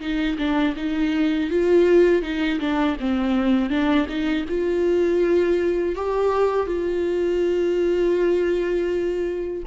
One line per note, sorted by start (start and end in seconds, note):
0.00 0.37 D#4
0.38 0.75 D4
0.76 1.50 D#4
1.51 2.22 F4
2.22 2.59 D#4
2.60 2.97 D4
3.00 3.70 C4
3.70 4.07 D4
4.08 4.45 D#4
4.48 5.96 F4
5.96 6.67 G4
6.67 9.63 F4